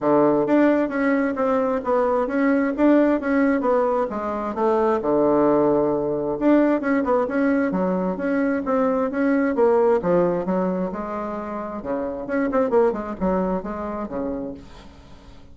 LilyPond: \new Staff \with { instrumentName = "bassoon" } { \time 4/4 \tempo 4 = 132 d4 d'4 cis'4 c'4 | b4 cis'4 d'4 cis'4 | b4 gis4 a4 d4~ | d2 d'4 cis'8 b8 |
cis'4 fis4 cis'4 c'4 | cis'4 ais4 f4 fis4 | gis2 cis4 cis'8 c'8 | ais8 gis8 fis4 gis4 cis4 | }